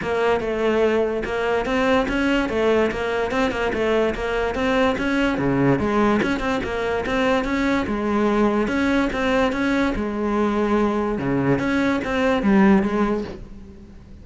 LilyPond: \new Staff \with { instrumentName = "cello" } { \time 4/4 \tempo 4 = 145 ais4 a2 ais4 | c'4 cis'4 a4 ais4 | c'8 ais8 a4 ais4 c'4 | cis'4 cis4 gis4 cis'8 c'8 |
ais4 c'4 cis'4 gis4~ | gis4 cis'4 c'4 cis'4 | gis2. cis4 | cis'4 c'4 g4 gis4 | }